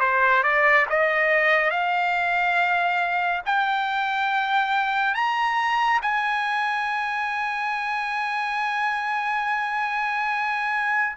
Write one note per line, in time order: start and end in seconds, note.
0.00 0.43 C5
0.43 0.86 D5
0.89 1.70 D#5
1.70 3.42 F5
3.45 5.14 G5
5.14 6.00 A#5
6.02 11.16 G#5